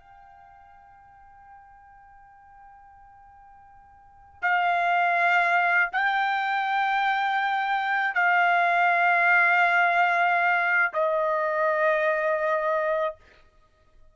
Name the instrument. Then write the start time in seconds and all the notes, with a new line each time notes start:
trumpet
0.00 G5
4.42 F5
5.93 G5
8.14 F5
10.93 D#5